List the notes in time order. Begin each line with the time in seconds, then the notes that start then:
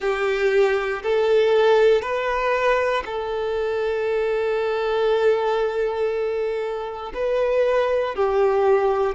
0.00 G4
1.02 A4
2.01 B4
3.05 A4
7.14 B4
8.15 G4